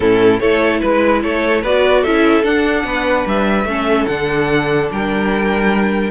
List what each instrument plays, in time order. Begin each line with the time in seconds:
0.00 cello A2, viola C#4, violin E4 A4
0.39 cello A3, viola E4, violin A4 C#5
0.80 cello G#3, violin B4
1.22 cello A3, violin A4 C#5
1.61 cello B3, viola F#4, violin B4 D5
2.01 cello C#4, viola E4, violin A4 E5
2.43 viola D4, cello D4, violin F#5
2.84 cello B3, violin B4
3.26 cello G3, violin E5
3.64 cello A3, viola C#4, violin A4
4.06 cello D3, viola D4, violin F#5
4.91 cello G3, violin A#4 G5